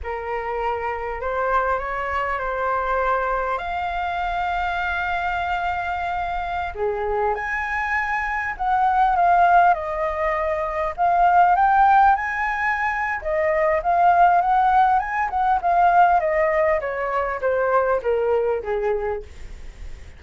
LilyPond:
\new Staff \with { instrumentName = "flute" } { \time 4/4 \tempo 4 = 100 ais'2 c''4 cis''4 | c''2 f''2~ | f''2.~ f''16 gis'8.~ | gis'16 gis''2 fis''4 f''8.~ |
f''16 dis''2 f''4 g''8.~ | g''16 gis''4.~ gis''16 dis''4 f''4 | fis''4 gis''8 fis''8 f''4 dis''4 | cis''4 c''4 ais'4 gis'4 | }